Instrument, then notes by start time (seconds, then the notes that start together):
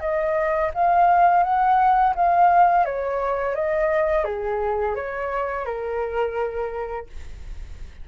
flute
0.00 D#5
0.74 F5
1.43 F#5
2.15 F5
2.85 C#5
3.55 D#5
4.24 G#4
4.95 C#5
5.65 A#4